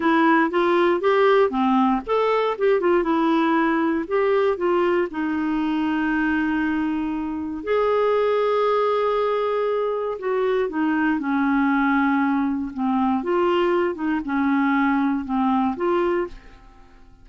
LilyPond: \new Staff \with { instrumentName = "clarinet" } { \time 4/4 \tempo 4 = 118 e'4 f'4 g'4 c'4 | a'4 g'8 f'8 e'2 | g'4 f'4 dis'2~ | dis'2. gis'4~ |
gis'1 | fis'4 dis'4 cis'2~ | cis'4 c'4 f'4. dis'8 | cis'2 c'4 f'4 | }